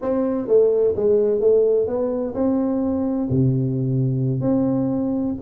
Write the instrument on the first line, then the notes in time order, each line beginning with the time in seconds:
tuba
0.01 C4
0.47 A3
0.96 G#3
1.40 A3
1.87 B3
2.34 C4
3.29 C3
4.40 C4